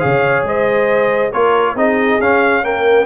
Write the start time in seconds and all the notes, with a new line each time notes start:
0.00 C#3 G#4 C#5 F5
0.44 G#3 C5 D#5
1.32 A#3 F4 A#4 C#5
1.76 C4 D#4 G#4 D#5
2.20 C#4 F5
2.63 A#3 A#4 G5